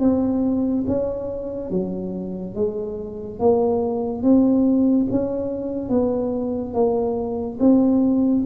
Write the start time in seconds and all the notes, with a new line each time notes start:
0.00 C4
0.87 C#4
1.71 F#3
2.55 G#3
3.40 A#3
4.23 C4
5.11 C#4
5.89 B3
6.74 A#3
7.60 C4